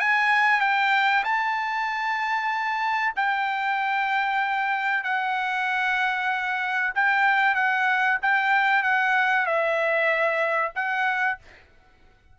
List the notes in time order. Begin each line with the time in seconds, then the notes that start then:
0.00 G#5
0.61 G5
1.24 A5
3.16 G5
5.04 F#5
6.95 G5
7.55 F#5
8.22 G5
8.83 F#5
9.46 E5
10.75 F#5